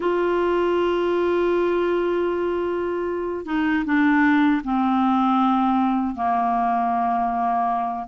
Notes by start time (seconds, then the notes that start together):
0.00 F4
3.45 D#4
3.85 D4
4.64 C4
6.15 A#3